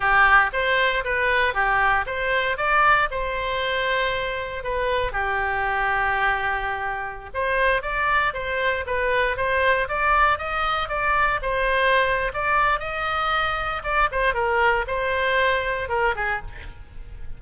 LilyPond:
\new Staff \with { instrumentName = "oboe" } { \time 4/4 \tempo 4 = 117 g'4 c''4 b'4 g'4 | c''4 d''4 c''2~ | c''4 b'4 g'2~ | g'2~ g'16 c''4 d''8.~ |
d''16 c''4 b'4 c''4 d''8.~ | d''16 dis''4 d''4 c''4.~ c''16 | d''4 dis''2 d''8 c''8 | ais'4 c''2 ais'8 gis'8 | }